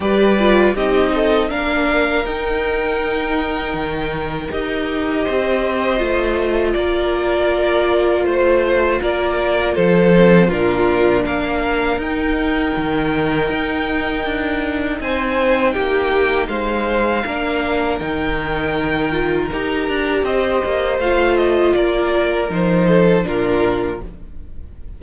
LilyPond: <<
  \new Staff \with { instrumentName = "violin" } { \time 4/4 \tempo 4 = 80 d''4 dis''4 f''4 g''4~ | g''2 dis''2~ | dis''4 d''2 c''4 | d''4 c''4 ais'4 f''4 |
g''1 | gis''4 g''4 f''2 | g''2 ais''4 dis''4 | f''8 dis''8 d''4 c''4 ais'4 | }
  \new Staff \with { instrumentName = "violin" } { \time 4/4 b'4 g'8 a'8 ais'2~ | ais'2. c''4~ | c''4 ais'2 c''4 | ais'4 a'4 f'4 ais'4~ |
ais'1 | c''4 g'4 c''4 ais'4~ | ais'2. c''4~ | c''4 ais'4. a'8 f'4 | }
  \new Staff \with { instrumentName = "viola" } { \time 4/4 g'8 f'8 dis'4 d'4 dis'4~ | dis'2 g'2 | f'1~ | f'4. c'8 d'2 |
dis'1~ | dis'2. d'4 | dis'4. f'8 g'2 | f'2 dis'4 d'4 | }
  \new Staff \with { instrumentName = "cello" } { \time 4/4 g4 c'4 ais4 dis'4~ | dis'4 dis4 dis'4 c'4 | a4 ais2 a4 | ais4 f4 ais,4 ais4 |
dis'4 dis4 dis'4 d'4 | c'4 ais4 gis4 ais4 | dis2 dis'8 d'8 c'8 ais8 | a4 ais4 f4 ais,4 | }
>>